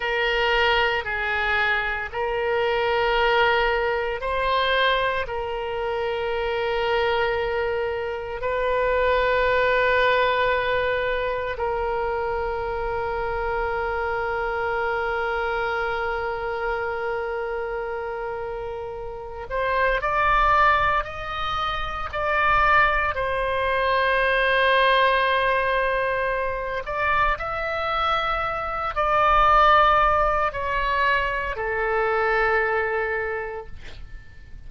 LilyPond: \new Staff \with { instrumentName = "oboe" } { \time 4/4 \tempo 4 = 57 ais'4 gis'4 ais'2 | c''4 ais'2. | b'2. ais'4~ | ais'1~ |
ais'2~ ais'8 c''8 d''4 | dis''4 d''4 c''2~ | c''4. d''8 e''4. d''8~ | d''4 cis''4 a'2 | }